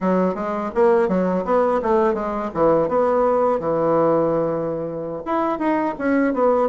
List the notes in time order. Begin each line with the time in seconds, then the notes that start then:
0.00 F#3
0.34 G#3
0.74 A#3
1.08 F#3
1.44 B3
1.82 A3
2.13 G#3
2.53 E3
2.88 B3
3.59 E3
5.25 E4
5.58 D#4
5.98 C#4
6.33 B3